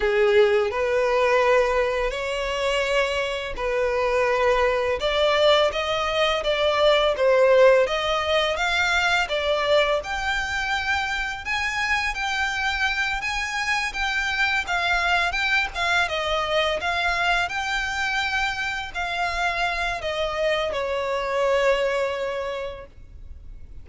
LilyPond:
\new Staff \with { instrumentName = "violin" } { \time 4/4 \tempo 4 = 84 gis'4 b'2 cis''4~ | cis''4 b'2 d''4 | dis''4 d''4 c''4 dis''4 | f''4 d''4 g''2 |
gis''4 g''4. gis''4 g''8~ | g''8 f''4 g''8 f''8 dis''4 f''8~ | f''8 g''2 f''4. | dis''4 cis''2. | }